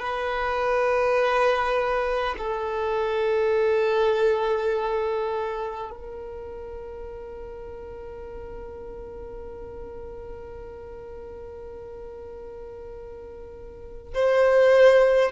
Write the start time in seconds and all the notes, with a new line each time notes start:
0.00 B4
2.39 A4
5.91 A#4
14.14 C5